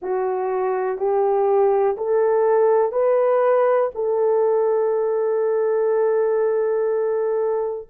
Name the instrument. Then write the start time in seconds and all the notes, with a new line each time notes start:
horn
0.02 F#4
0.98 G4
1.97 A4
2.92 B4
3.94 A4